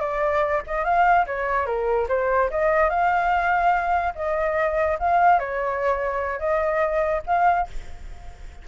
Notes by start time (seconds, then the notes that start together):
0.00 D5
0.67 D#5
0.84 F5
1.26 C#5
1.66 A#4
2.08 C5
2.50 D#5
2.89 F5
4.15 D#5
4.99 F5
5.39 C#5
6.39 D#5
7.26 F5